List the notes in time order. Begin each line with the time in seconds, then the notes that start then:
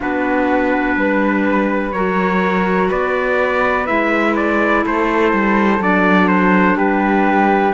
0.00 B3 D4 F#4 B4
0.96 G3 B4
1.91 F#3 F#4 A#4 C#5
2.89 B3 B4 D5
3.85 G#3 E4 E5
4.36 D5
4.83 A3 A4 C5
5.32 G3
5.78 F#3 D4 D5
6.27 C5
6.75 G3 G4 B4